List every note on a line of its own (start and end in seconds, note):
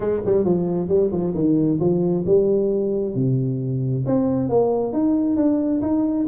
0.00 0.21 G#3
0.25 0.44 G3
0.44 0.88 F3
0.88 1.11 G3
1.11 1.34 F3
1.34 1.79 D#3
1.80 2.24 F3
2.26 3.14 G3
3.14 4.04 C3
4.05 4.49 C4
4.49 4.93 A#3
4.93 5.36 D#4
5.36 5.81 D4
5.81 6.26 D#4